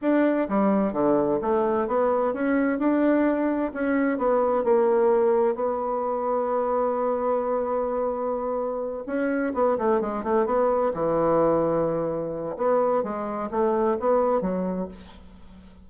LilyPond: \new Staff \with { instrumentName = "bassoon" } { \time 4/4 \tempo 4 = 129 d'4 g4 d4 a4 | b4 cis'4 d'2 | cis'4 b4 ais2 | b1~ |
b2.~ b8 cis'8~ | cis'8 b8 a8 gis8 a8 b4 e8~ | e2. b4 | gis4 a4 b4 fis4 | }